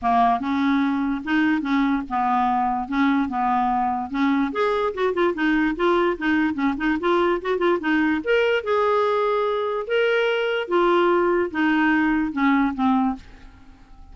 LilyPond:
\new Staff \with { instrumentName = "clarinet" } { \time 4/4 \tempo 4 = 146 ais4 cis'2 dis'4 | cis'4 b2 cis'4 | b2 cis'4 gis'4 | fis'8 f'8 dis'4 f'4 dis'4 |
cis'8 dis'8 f'4 fis'8 f'8 dis'4 | ais'4 gis'2. | ais'2 f'2 | dis'2 cis'4 c'4 | }